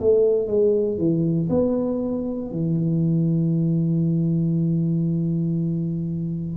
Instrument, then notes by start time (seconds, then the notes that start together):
tuba
0.00 A3
0.47 G#3
0.98 E3
1.49 B3
2.51 E3